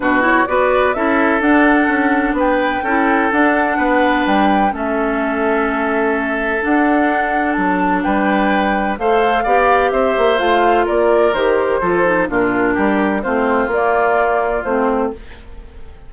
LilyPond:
<<
  \new Staff \with { instrumentName = "flute" } { \time 4/4 \tempo 4 = 127 b'8 cis''8 d''4 e''4 fis''4~ | fis''4 g''2 fis''4~ | fis''4 g''4 e''2~ | e''2 fis''2 |
a''4 g''2 f''4~ | f''4 e''4 f''4 d''4 | c''2 ais'2 | c''4 d''2 c''4 | }
  \new Staff \with { instrumentName = "oboe" } { \time 4/4 fis'4 b'4 a'2~ | a'4 b'4 a'2 | b'2 a'2~ | a'1~ |
a'4 b'2 c''4 | d''4 c''2 ais'4~ | ais'4 a'4 f'4 g'4 | f'1 | }
  \new Staff \with { instrumentName = "clarinet" } { \time 4/4 d'8 e'8 fis'4 e'4 d'4~ | d'2 e'4 d'4~ | d'2 cis'2~ | cis'2 d'2~ |
d'2. a'4 | g'2 f'2 | g'4 f'8 dis'8 d'2 | c'4 ais2 c'4 | }
  \new Staff \with { instrumentName = "bassoon" } { \time 4/4 b,4 b4 cis'4 d'4 | cis'4 b4 cis'4 d'4 | b4 g4 a2~ | a2 d'2 |
fis4 g2 a4 | b4 c'8 ais8 a4 ais4 | dis4 f4 ais,4 g4 | a4 ais2 a4 | }
>>